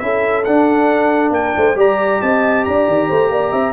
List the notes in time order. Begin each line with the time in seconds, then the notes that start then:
0.00 C#4 E4 A4 E5
0.45 D4 F#5
1.31 A#3 A#4 G5
1.57 A3 C5
1.76 G3 G4 D5 A#5
2.22 C4 D#5 A5
2.65 D4 D5 A#5
2.88 D#3
3.09 A3 C5
3.30 A#3 D5
3.51 C4 E5